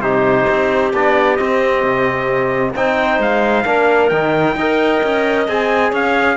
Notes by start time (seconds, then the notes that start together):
0.00 C3 D#4 G4 C5
0.50 C4
0.94 B3 D4 D5
1.37 C4 D#5
1.84 C3
2.76 C4 D#4 C5 G5
3.20 G#3 F5
3.66 A#3 D4 A#4
4.09 D#3 D#4 G5
4.56 D#4 A#4 D#5
5.04 C#4
5.48 C4 G#4 G#5
5.90 C#4 C#5 F5